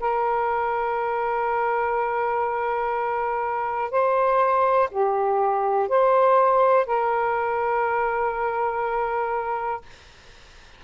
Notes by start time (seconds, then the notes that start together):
0.00 A#4
3.91 C5
4.91 G4
5.89 C5
6.86 A#4